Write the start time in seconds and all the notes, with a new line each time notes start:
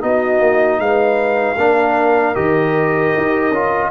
0.00 B3 D#4 F#4 D#5
0.40 A#3
0.79 G#3 B4 F5
1.57 A#3 D4 A#4
2.35 D#3 G4 D#5
3.17 D#4
3.51 C#4 F4